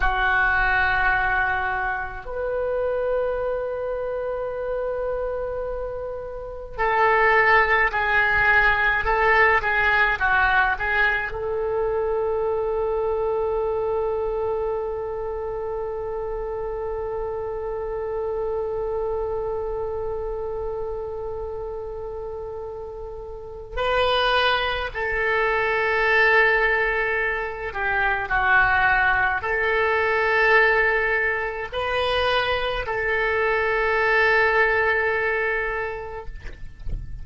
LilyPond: \new Staff \with { instrumentName = "oboe" } { \time 4/4 \tempo 4 = 53 fis'2 b'2~ | b'2 a'4 gis'4 | a'8 gis'8 fis'8 gis'8 a'2~ | a'1~ |
a'1~ | a'4 b'4 a'2~ | a'8 g'8 fis'4 a'2 | b'4 a'2. | }